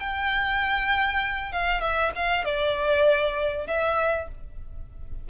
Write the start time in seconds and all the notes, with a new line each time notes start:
0.00 G5
1.52 F5
1.81 E5
2.16 F5
2.45 D5
3.67 E5